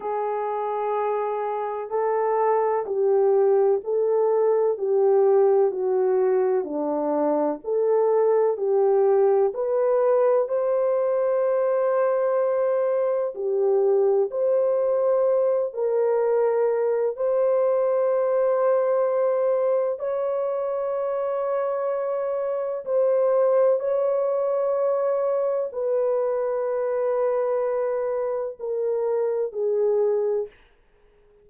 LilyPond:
\new Staff \with { instrumentName = "horn" } { \time 4/4 \tempo 4 = 63 gis'2 a'4 g'4 | a'4 g'4 fis'4 d'4 | a'4 g'4 b'4 c''4~ | c''2 g'4 c''4~ |
c''8 ais'4. c''2~ | c''4 cis''2. | c''4 cis''2 b'4~ | b'2 ais'4 gis'4 | }